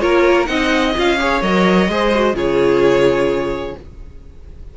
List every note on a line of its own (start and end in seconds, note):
0.00 0.48 A#3
0.00 0.46 F4
0.00 0.49 A#4
0.00 0.46 C#5
0.46 0.95 C4
0.46 0.93 D#4
0.46 1.20 D#5
0.46 0.93 F#5
0.96 1.42 C#4
0.96 1.19 F4
0.96 1.42 F5
1.19 1.42 G#4
1.19 1.91 C#5
1.42 1.88 F#3
1.42 1.89 A#4
1.42 2.36 D#5
1.88 2.33 G#3
1.88 2.13 G#4
1.88 2.36 C5
2.15 2.34 F#4
2.33 3.74 C#3
2.33 3.75 F4
2.33 3.76 G#4
2.33 3.77 C#5